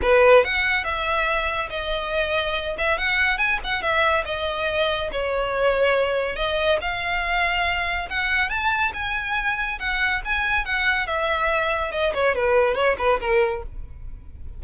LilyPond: \new Staff \with { instrumentName = "violin" } { \time 4/4 \tempo 4 = 141 b'4 fis''4 e''2 | dis''2~ dis''8 e''8 fis''4 | gis''8 fis''8 e''4 dis''2 | cis''2. dis''4 |
f''2. fis''4 | a''4 gis''2 fis''4 | gis''4 fis''4 e''2 | dis''8 cis''8 b'4 cis''8 b'8 ais'4 | }